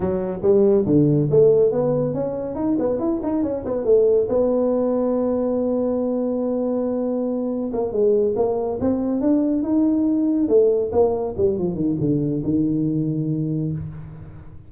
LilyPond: \new Staff \with { instrumentName = "tuba" } { \time 4/4 \tempo 4 = 140 fis4 g4 d4 a4 | b4 cis'4 dis'8 b8 e'8 dis'8 | cis'8 b8 a4 b2~ | b1~ |
b2 ais8 gis4 ais8~ | ais8 c'4 d'4 dis'4.~ | dis'8 a4 ais4 g8 f8 dis8 | d4 dis2. | }